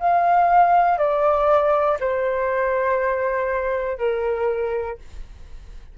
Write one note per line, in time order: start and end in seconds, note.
0.00 0.99 F5
0.99 1.99 D5
2.00 3.99 C5
3.99 4.99 A#4